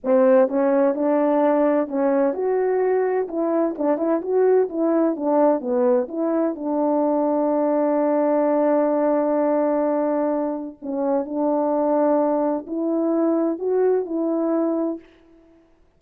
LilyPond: \new Staff \with { instrumentName = "horn" } { \time 4/4 \tempo 4 = 128 c'4 cis'4 d'2 | cis'4 fis'2 e'4 | d'8 e'8 fis'4 e'4 d'4 | b4 e'4 d'2~ |
d'1~ | d'2. cis'4 | d'2. e'4~ | e'4 fis'4 e'2 | }